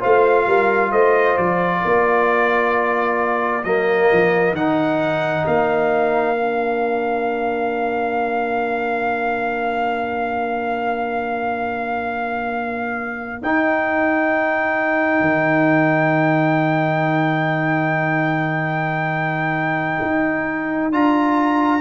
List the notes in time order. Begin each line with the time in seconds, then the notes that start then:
0.00 A3 F4 C5 F5
0.47 G3 A#4
0.92 A3 C5 D#5
1.38 F3 D5
1.81 A#3 A#4
3.64 F#3 A#3 D#5
4.12 F3
4.52 D#3 D#4 F#5
5.47 A#3 F5
6.36 D4
13.42 D#4 G5
15.21 D#3
20.02 D#4
20.92 D4 F4 A#5